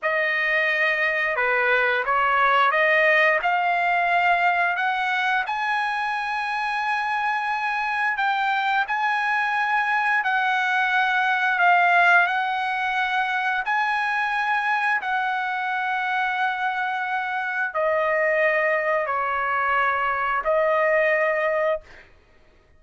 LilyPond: \new Staff \with { instrumentName = "trumpet" } { \time 4/4 \tempo 4 = 88 dis''2 b'4 cis''4 | dis''4 f''2 fis''4 | gis''1 | g''4 gis''2 fis''4~ |
fis''4 f''4 fis''2 | gis''2 fis''2~ | fis''2 dis''2 | cis''2 dis''2 | }